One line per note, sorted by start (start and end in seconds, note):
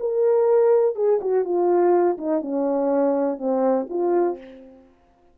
0.00 0.96 A#4
0.96 1.20 G#4
1.21 1.45 F#4
1.45 2.18 F4
2.18 2.42 D#4
2.42 3.38 C#4
3.38 3.87 C4
3.90 4.38 F4